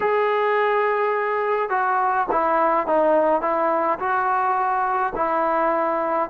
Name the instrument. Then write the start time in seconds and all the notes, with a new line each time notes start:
trombone
0.00 G#4
1.69 F#4
2.31 E4
2.86 D#4
3.41 E4
3.99 F#4
5.15 E4